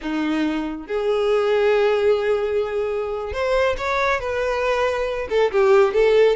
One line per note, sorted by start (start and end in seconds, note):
0.01 0.87 D#4
0.87 3.32 G#4
3.32 3.76 C5
3.77 4.20 C#5
4.20 5.28 B4
5.29 5.51 A4
5.51 5.93 G4
5.93 6.36 A4